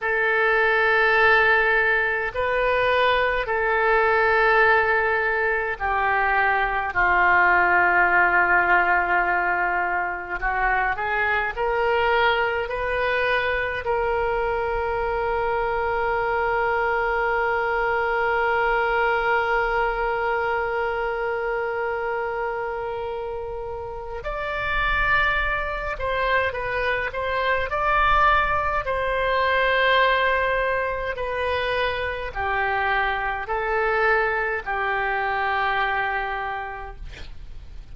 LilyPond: \new Staff \with { instrumentName = "oboe" } { \time 4/4 \tempo 4 = 52 a'2 b'4 a'4~ | a'4 g'4 f'2~ | f'4 fis'8 gis'8 ais'4 b'4 | ais'1~ |
ais'1~ | ais'4 d''4. c''8 b'8 c''8 | d''4 c''2 b'4 | g'4 a'4 g'2 | }